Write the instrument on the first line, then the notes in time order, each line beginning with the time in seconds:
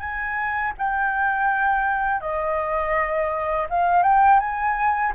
flute
0.00 G#5
0.78 G5
2.21 D#5
3.70 F5
4.03 G5
4.40 G#5